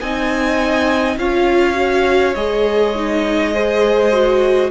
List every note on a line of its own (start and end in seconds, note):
0.00 1.17 C4
0.00 1.19 D#4
0.00 1.18 D#5
0.00 1.18 G#5
1.17 2.35 C#4
1.17 1.74 F4
1.17 3.53 C#5
1.17 2.35 F5
1.74 2.33 F#4
2.35 4.71 G#3
2.35 2.95 G#4
2.35 4.70 D#5
2.95 3.54 D#4
3.53 4.12 G#4
3.53 4.71 C5
4.12 4.71 F#4